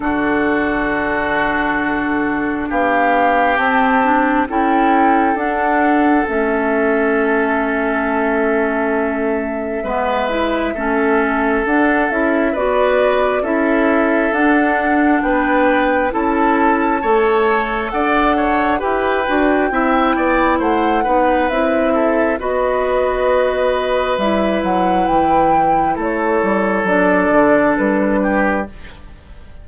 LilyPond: <<
  \new Staff \with { instrumentName = "flute" } { \time 4/4 \tempo 4 = 67 a'2. f''4 | a''4 g''4 fis''4 e''4~ | e''1~ | e''4 fis''8 e''8 d''4 e''4 |
fis''4 g''4 a''2 | fis''4 g''2 fis''4 | e''4 dis''2 e''8 fis''8 | g''4 cis''4 d''4 b'4 | }
  \new Staff \with { instrumentName = "oboe" } { \time 4/4 fis'2. g'4~ | g'4 a'2.~ | a'2. b'4 | a'2 b'4 a'4~ |
a'4 b'4 a'4 cis''4 | d''8 cis''8 b'4 e''8 d''8 c''8 b'8~ | b'8 a'8 b'2.~ | b'4 a'2~ a'8 g'8 | }
  \new Staff \with { instrumentName = "clarinet" } { \time 4/4 d'1 | c'8 d'8 e'4 d'4 cis'4~ | cis'2. b8 e'8 | cis'4 d'8 e'8 fis'4 e'4 |
d'2 e'4 a'4~ | a'4 g'8 fis'8 e'4. dis'8 | e'4 fis'2 e'4~ | e'2 d'2 | }
  \new Staff \with { instrumentName = "bassoon" } { \time 4/4 d2. b4 | c'4 cis'4 d'4 a4~ | a2. gis4 | a4 d'8 cis'8 b4 cis'4 |
d'4 b4 cis'4 a4 | d'4 e'8 d'8 c'8 b8 a8 b8 | c'4 b2 g8 fis8 | e4 a8 g8 fis8 d8 g4 | }
>>